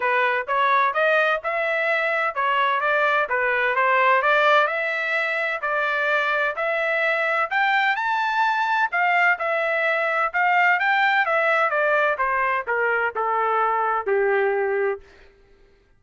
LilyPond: \new Staff \with { instrumentName = "trumpet" } { \time 4/4 \tempo 4 = 128 b'4 cis''4 dis''4 e''4~ | e''4 cis''4 d''4 b'4 | c''4 d''4 e''2 | d''2 e''2 |
g''4 a''2 f''4 | e''2 f''4 g''4 | e''4 d''4 c''4 ais'4 | a'2 g'2 | }